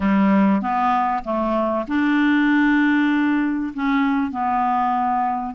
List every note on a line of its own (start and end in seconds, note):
0.00 0.61 G3
0.61 1.23 B3
1.24 1.86 A3
1.87 3.73 D4
3.74 4.31 C#4
4.31 5.54 B3